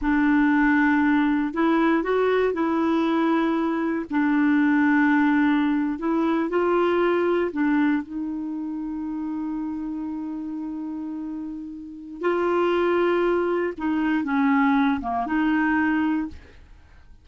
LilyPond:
\new Staff \with { instrumentName = "clarinet" } { \time 4/4 \tempo 4 = 118 d'2. e'4 | fis'4 e'2. | d'2.~ d'8. e'16~ | e'8. f'2 d'4 dis'16~ |
dis'1~ | dis'1 | f'2. dis'4 | cis'4. ais8 dis'2 | }